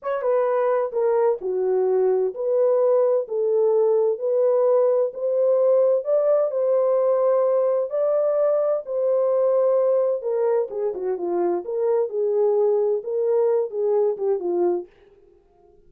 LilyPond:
\new Staff \with { instrumentName = "horn" } { \time 4/4 \tempo 4 = 129 cis''8 b'4. ais'4 fis'4~ | fis'4 b'2 a'4~ | a'4 b'2 c''4~ | c''4 d''4 c''2~ |
c''4 d''2 c''4~ | c''2 ais'4 gis'8 fis'8 | f'4 ais'4 gis'2 | ais'4. gis'4 g'8 f'4 | }